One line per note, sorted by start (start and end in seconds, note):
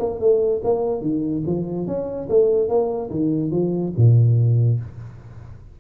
0.00 0.20 A#3
0.20 0.62 A3
0.64 1.02 A#3
1.02 1.43 D#3
1.47 1.87 F3
1.87 2.29 C#4
2.30 2.69 A3
2.69 3.10 A#3
3.11 3.52 D#3
3.52 3.93 F3
3.97 4.80 A#2